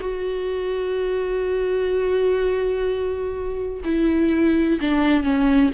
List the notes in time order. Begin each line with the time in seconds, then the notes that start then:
0.00 F#4
3.84 E4
4.81 D4
5.23 C#4